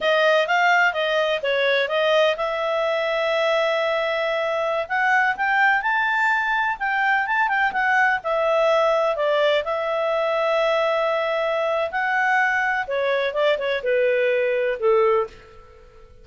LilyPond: \new Staff \with { instrumentName = "clarinet" } { \time 4/4 \tempo 4 = 126 dis''4 f''4 dis''4 cis''4 | dis''4 e''2.~ | e''2~ e''16 fis''4 g''8.~ | g''16 a''2 g''4 a''8 g''16~ |
g''16 fis''4 e''2 d''8.~ | d''16 e''2.~ e''8.~ | e''4 fis''2 cis''4 | d''8 cis''8 b'2 a'4 | }